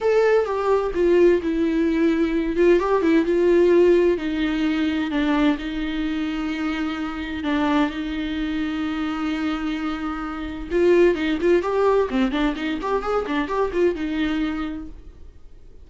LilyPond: \new Staff \with { instrumentName = "viola" } { \time 4/4 \tempo 4 = 129 a'4 g'4 f'4 e'4~ | e'4. f'8 g'8 e'8 f'4~ | f'4 dis'2 d'4 | dis'1 |
d'4 dis'2.~ | dis'2. f'4 | dis'8 f'8 g'4 c'8 d'8 dis'8 g'8 | gis'8 d'8 g'8 f'8 dis'2 | }